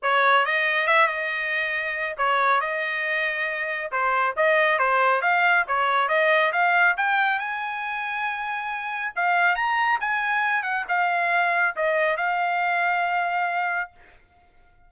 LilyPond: \new Staff \with { instrumentName = "trumpet" } { \time 4/4 \tempo 4 = 138 cis''4 dis''4 e''8 dis''4.~ | dis''4 cis''4 dis''2~ | dis''4 c''4 dis''4 c''4 | f''4 cis''4 dis''4 f''4 |
g''4 gis''2.~ | gis''4 f''4 ais''4 gis''4~ | gis''8 fis''8 f''2 dis''4 | f''1 | }